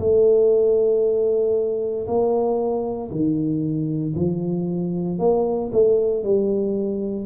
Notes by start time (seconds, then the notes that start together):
0.00 A3
2.07 A#3
3.12 D#3
4.16 F3
5.19 A#3
5.73 A3
6.24 G3